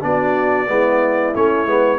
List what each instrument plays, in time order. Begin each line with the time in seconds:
0.00 tuba B3, trombone D4, horn F#4, trumpet D5
0.67 tuba G#3, trombone B3, horn E4
1.33 tuba A3, trombone C#4, trumpet C#5
1.66 tuba G#3, trombone B3